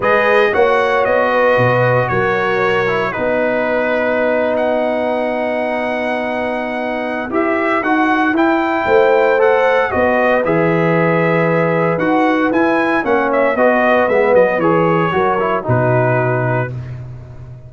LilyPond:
<<
  \new Staff \with { instrumentName = "trumpet" } { \time 4/4 \tempo 4 = 115 dis''4 fis''4 dis''2 | cis''2 b'2~ | b'8. fis''2.~ fis''16~ | fis''2 e''4 fis''4 |
g''2 fis''4 dis''4 | e''2. fis''4 | gis''4 fis''8 e''8 dis''4 e''8 dis''8 | cis''2 b'2 | }
  \new Staff \with { instrumentName = "horn" } { \time 4/4 b'4 cis''4. b'4. | ais'2 b'2~ | b'1~ | b'1~ |
b'4 c''2 b'4~ | b'1~ | b'4 cis''4 b'2~ | b'4 ais'4 fis'2 | }
  \new Staff \with { instrumentName = "trombone" } { \time 4/4 gis'4 fis'2.~ | fis'4. e'8 dis'2~ | dis'1~ | dis'2 g'4 fis'4 |
e'2 a'4 fis'4 | gis'2. fis'4 | e'4 cis'4 fis'4 b4 | gis'4 fis'8 e'8 dis'2 | }
  \new Staff \with { instrumentName = "tuba" } { \time 4/4 gis4 ais4 b4 b,4 | fis2 b2~ | b1~ | b2 e'4 dis'4 |
e'4 a2 b4 | e2. dis'4 | e'4 ais4 b4 gis8 fis8 | e4 fis4 b,2 | }
>>